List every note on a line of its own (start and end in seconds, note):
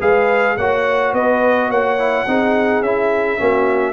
0.00 0.57 G#3
0.00 0.57 G#4
0.00 0.57 B4
0.00 0.57 F5
0.57 1.13 A#3
0.57 1.98 F#4
0.57 1.14 C#5
0.57 1.14 F#5
1.13 1.68 B3
1.13 1.69 B4
1.13 1.71 D#5
1.68 2.25 A#3
1.68 2.26 C#5
1.68 2.83 F#5
1.98 2.27 E4
2.27 2.81 C4
2.27 2.84 D#4
2.27 3.41 G#4
2.81 3.37 C#4
2.81 3.38 E4
2.81 3.93 E5
3.38 3.93 A#3
3.38 3.93 C#4
3.38 3.93 F#4